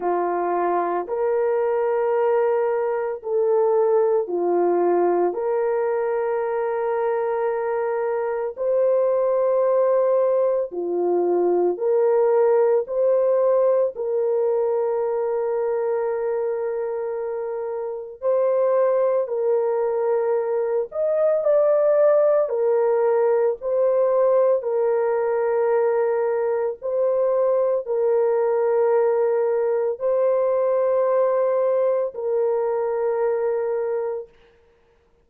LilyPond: \new Staff \with { instrumentName = "horn" } { \time 4/4 \tempo 4 = 56 f'4 ais'2 a'4 | f'4 ais'2. | c''2 f'4 ais'4 | c''4 ais'2.~ |
ais'4 c''4 ais'4. dis''8 | d''4 ais'4 c''4 ais'4~ | ais'4 c''4 ais'2 | c''2 ais'2 | }